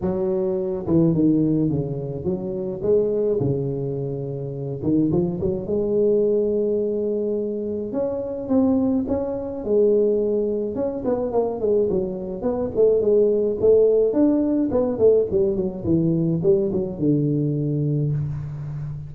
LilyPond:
\new Staff \with { instrumentName = "tuba" } { \time 4/4 \tempo 4 = 106 fis4. e8 dis4 cis4 | fis4 gis4 cis2~ | cis8 dis8 f8 fis8 gis2~ | gis2 cis'4 c'4 |
cis'4 gis2 cis'8 b8 | ais8 gis8 fis4 b8 a8 gis4 | a4 d'4 b8 a8 g8 fis8 | e4 g8 fis8 d2 | }